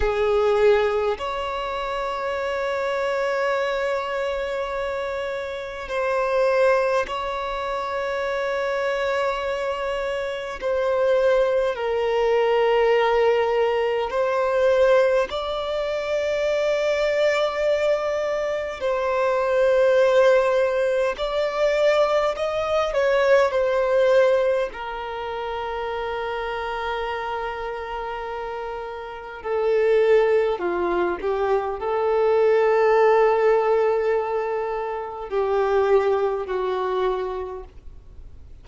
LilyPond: \new Staff \with { instrumentName = "violin" } { \time 4/4 \tempo 4 = 51 gis'4 cis''2.~ | cis''4 c''4 cis''2~ | cis''4 c''4 ais'2 | c''4 d''2. |
c''2 d''4 dis''8 cis''8 | c''4 ais'2.~ | ais'4 a'4 f'8 g'8 a'4~ | a'2 g'4 fis'4 | }